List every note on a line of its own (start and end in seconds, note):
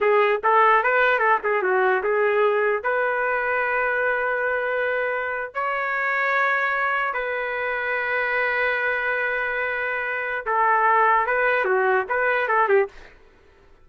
0.01 0.41 G#4
0.43 0.83 A4
0.83 1.18 B4
1.18 1.38 A4
1.43 1.62 G#4
1.62 2.02 F#4
2.03 2.83 G#4
2.83 5.54 B4
5.54 7.13 C#5
7.13 10.45 B4
10.46 11.26 A4
11.26 11.64 B4
11.64 12.05 F#4
12.08 12.48 B4
12.48 12.68 A4
12.68 12.88 G4